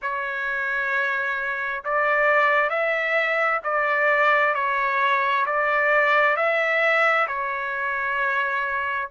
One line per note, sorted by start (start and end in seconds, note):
0.02 1.83 C#5
1.84 2.69 D5
2.69 3.60 E5
3.63 4.54 D5
4.54 5.45 C#5
5.45 6.36 D5
6.36 7.27 E5
7.27 9.09 C#5